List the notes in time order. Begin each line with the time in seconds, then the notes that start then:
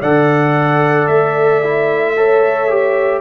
0.00 D3 A4 D5 F#5
1.08 A3 E5
1.64 E4
2.17 A4 C#5
2.69 G4